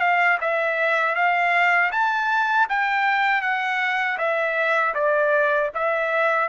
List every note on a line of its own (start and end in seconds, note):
0.00 0.38 F5
0.41 1.15 E5
1.15 1.91 F5
1.92 2.68 A5
2.69 3.42 G5
3.42 4.18 F#5
4.18 4.94 E5
4.95 5.71 D5
5.74 6.49 E5